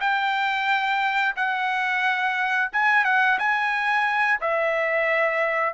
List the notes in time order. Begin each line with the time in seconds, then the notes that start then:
0.00 G5
1.36 F#5
2.72 G#5
3.04 F#5
3.39 G#5
4.40 E5